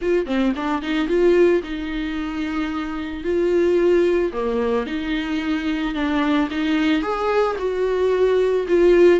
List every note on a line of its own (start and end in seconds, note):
0.01 0.26 F4
0.26 0.53 C4
0.55 0.82 D4
0.82 1.08 D#4
1.08 1.62 F4
1.63 3.24 D#4
3.24 4.32 F4
4.32 4.86 A#3
4.86 5.94 D#4
5.94 6.48 D4
6.50 7.02 D#4
7.02 7.56 G#4
7.58 8.66 F#4
8.68 9.19 F4